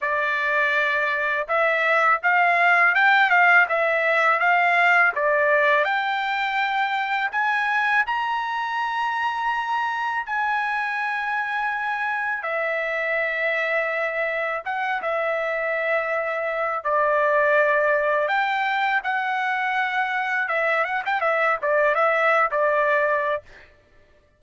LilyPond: \new Staff \with { instrumentName = "trumpet" } { \time 4/4 \tempo 4 = 82 d''2 e''4 f''4 | g''8 f''8 e''4 f''4 d''4 | g''2 gis''4 ais''4~ | ais''2 gis''2~ |
gis''4 e''2. | fis''8 e''2~ e''8 d''4~ | d''4 g''4 fis''2 | e''8 fis''16 g''16 e''8 d''8 e''8. d''4~ d''16 | }